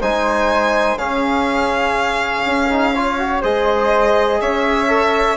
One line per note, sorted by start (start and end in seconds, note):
0.00 0.96 G#3
0.00 0.98 D#4
0.00 0.97 C5
0.00 0.97 G#5
0.96 2.42 C#3
0.96 2.69 C#4
0.96 2.93 G#4
0.96 3.41 F5
2.45 3.42 C#4
2.69 2.94 D#4
2.93 3.18 F4
2.93 3.41 C#5
3.18 3.43 F#4
3.41 4.40 G#3
3.41 4.88 G#4
3.41 4.38 C5
3.41 4.41 D#5
4.40 5.36 C#4
4.40 5.36 C#5
4.40 5.36 E5
4.88 5.36 A4